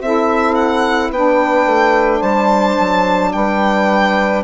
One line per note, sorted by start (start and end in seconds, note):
0.00 1.10 C4
0.00 1.13 E4
0.00 1.09 A4
0.00 0.54 E5
0.54 1.10 F#5
1.09 1.66 B3
1.09 4.44 D4
1.09 2.19 B4
1.09 2.22 G5
1.66 2.21 A3
2.19 2.77 G3
2.19 3.30 C5
2.19 3.32 A5
2.79 3.34 F#3
3.32 4.44 G3
3.32 4.44 B4
3.32 4.43 G5